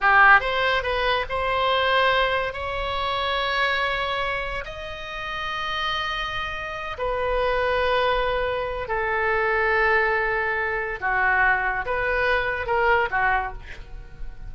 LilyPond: \new Staff \with { instrumentName = "oboe" } { \time 4/4 \tempo 4 = 142 g'4 c''4 b'4 c''4~ | c''2 cis''2~ | cis''2. dis''4~ | dis''1~ |
dis''8 b'2.~ b'8~ | b'4 a'2.~ | a'2 fis'2 | b'2 ais'4 fis'4 | }